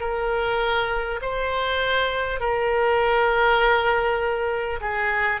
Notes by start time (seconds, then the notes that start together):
0.00 A#4
1.21 C5
2.39 A#4
4.81 G#4